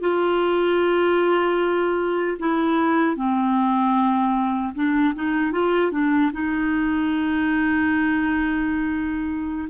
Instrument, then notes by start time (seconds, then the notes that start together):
clarinet
0.00 F4
2.39 E4
3.15 C4
4.74 D4
5.15 D#4
5.52 F4
5.91 D4
6.33 D#4